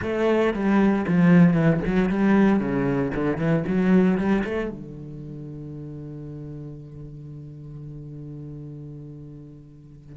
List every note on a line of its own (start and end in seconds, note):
0.01 0.53 A3
0.53 1.05 G3
1.07 1.53 F3
1.53 1.79 E3
1.86 2.09 F#3
2.09 2.59 G3
2.59 3.11 C#3
3.14 3.37 D3
3.37 3.63 E3
3.67 4.17 F#3
4.17 4.43 G3
4.44 4.70 A3
4.70 10.17 D3